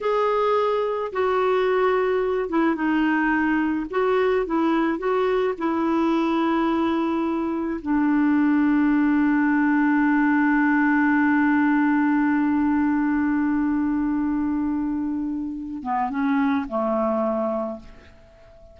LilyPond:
\new Staff \with { instrumentName = "clarinet" } { \time 4/4 \tempo 4 = 108 gis'2 fis'2~ | fis'8 e'8 dis'2 fis'4 | e'4 fis'4 e'2~ | e'2 d'2~ |
d'1~ | d'1~ | d'1~ | d'8 b8 cis'4 a2 | }